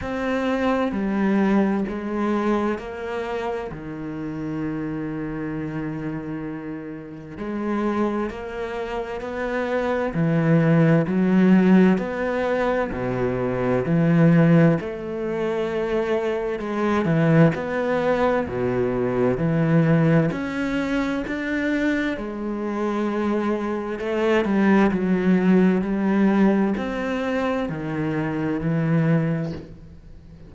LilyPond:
\new Staff \with { instrumentName = "cello" } { \time 4/4 \tempo 4 = 65 c'4 g4 gis4 ais4 | dis1 | gis4 ais4 b4 e4 | fis4 b4 b,4 e4 |
a2 gis8 e8 b4 | b,4 e4 cis'4 d'4 | gis2 a8 g8 fis4 | g4 c'4 dis4 e4 | }